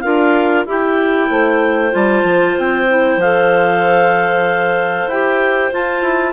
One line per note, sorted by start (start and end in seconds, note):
0.00 0.66 D4
0.00 0.66 F4
0.00 0.67 A#4
0.00 0.63 F5
0.66 1.29 E4
0.66 1.91 E4
0.66 1.29 G4
0.66 1.94 G5
1.29 1.93 A3
1.29 6.32 C5
1.91 2.23 G3
1.91 2.86 F4
1.91 2.57 A5
2.23 2.55 F3
2.59 3.17 C4
2.59 3.21 G5
2.89 3.20 E4
3.17 5.06 F3
3.17 5.12 A4
3.17 5.09 F5
5.07 5.70 E4
5.07 5.72 G4
5.07 5.72 G5
5.72 6.32 F4
5.72 6.02 F4
5.72 6.32 A5
6.02 6.32 E4